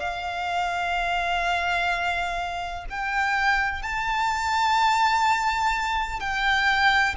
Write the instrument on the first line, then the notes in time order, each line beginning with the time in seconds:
violin
0.00 F5
2.90 G5
3.83 A5
6.20 G5